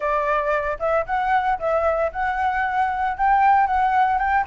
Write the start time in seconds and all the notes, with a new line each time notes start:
0.00 D5
0.79 E5
1.06 F#5
1.59 E5
2.11 F#5
3.17 G5
3.66 F#5
4.18 G5